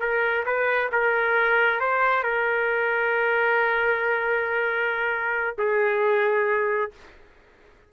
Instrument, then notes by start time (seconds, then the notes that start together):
trumpet
0.00 A#4
0.46 B4
0.92 A#4
1.80 C5
2.23 A#4
5.58 G#4